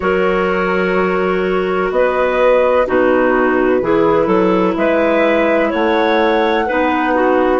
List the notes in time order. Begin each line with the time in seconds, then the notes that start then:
0.00 F#3 F#4 A#4 C#5
1.90 B3 B4 D#5
2.85 B2 D#4 F#4 B4
3.81 E3 E4 G#4
4.25 F#3 A4
4.76 G#3 B4 E5
5.69 A3 C#5 F#5
6.66 B3 D#4 B4
7.14 F#4